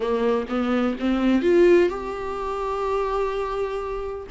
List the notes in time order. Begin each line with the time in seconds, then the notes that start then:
0.00 A#3
0.48 B3
0.99 C4
1.42 F4
1.89 G4